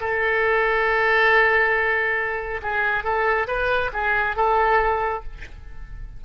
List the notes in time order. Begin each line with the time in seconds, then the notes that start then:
0.00 A4
2.62 G#4
3.04 A4
3.47 B4
3.92 G#4
4.36 A4